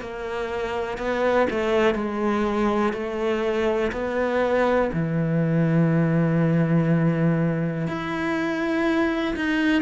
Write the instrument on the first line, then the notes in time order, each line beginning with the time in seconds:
cello
0.00 A#3
0.97 B3
1.50 A3
1.94 G#3
2.93 A3
3.92 B3
4.93 E3
7.87 E4
9.35 D#4